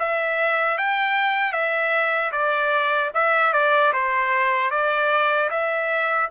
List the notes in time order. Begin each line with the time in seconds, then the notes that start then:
0.00 E5
0.78 G5
1.53 E5
2.32 D5
3.15 E5
3.53 D5
3.93 C5
4.71 D5
5.50 E5